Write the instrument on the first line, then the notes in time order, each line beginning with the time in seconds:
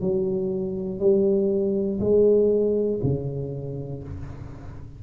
tuba
0.00 F#3
0.99 G3
2.00 G#3
3.03 C#3